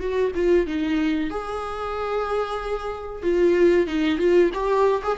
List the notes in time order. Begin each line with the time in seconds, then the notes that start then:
0.00 F#4
0.35 F4
0.67 D#4
1.31 G#4
3.23 F4
3.87 D#4
4.18 F4
4.54 G4
5.04 G#4